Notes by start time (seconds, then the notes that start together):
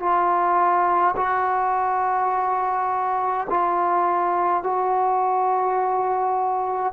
0.00 F4
1.17 F#4
3.50 F4
4.64 F#4